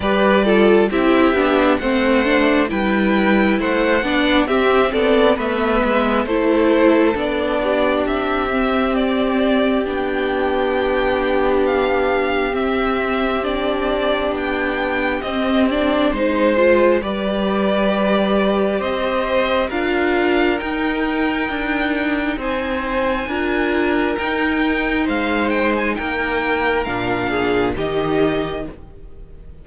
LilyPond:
<<
  \new Staff \with { instrumentName = "violin" } { \time 4/4 \tempo 4 = 67 d''4 e''4 fis''4 g''4 | fis''4 e''8 d''8 e''4 c''4 | d''4 e''4 d''4 g''4~ | g''4 f''4 e''4 d''4 |
g''4 dis''8 d''8 c''4 d''4~ | d''4 dis''4 f''4 g''4~ | g''4 gis''2 g''4 | f''8 g''16 gis''16 g''4 f''4 dis''4 | }
  \new Staff \with { instrumentName = "violin" } { \time 4/4 b'8 a'8 g'4 c''4 b'4 | c''8 d''8 g'8 a'8 b'4 a'4~ | a'8 g'2.~ g'8~ | g'1~ |
g'2 c''4 b'4~ | b'4 c''4 ais'2~ | ais'4 c''4 ais'2 | c''4 ais'4. gis'8 g'4 | }
  \new Staff \with { instrumentName = "viola" } { \time 4/4 g'8 f'8 e'8 d'8 c'8 d'8 e'4~ | e'8 d'8 c'4 b4 e'4 | d'4. c'4. d'4~ | d'2 c'4 d'4~ |
d'4 c'8 d'8 dis'8 f'8 g'4~ | g'2 f'4 dis'4~ | dis'2 f'4 dis'4~ | dis'2 d'4 dis'4 | }
  \new Staff \with { instrumentName = "cello" } { \time 4/4 g4 c'8 b8 a4 g4 | a8 b8 c'8 b8 a8 gis8 a4 | b4 c'2 b4~ | b2 c'2 |
b4 c'4 gis4 g4~ | g4 c'4 d'4 dis'4 | d'4 c'4 d'4 dis'4 | gis4 ais4 ais,4 dis4 | }
>>